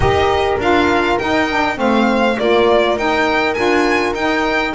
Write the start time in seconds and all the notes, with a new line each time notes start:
0.00 D#4 G4 A#4 D#5
0.58 D4 F4 F5
1.18 D#4 G5
1.49 D4
1.75 A3 C4 C5 F5
2.38 A#3 F4 A#4 D5
2.96 D#4 G5
3.54 D4 F4 G#5
4.13 D#4 G5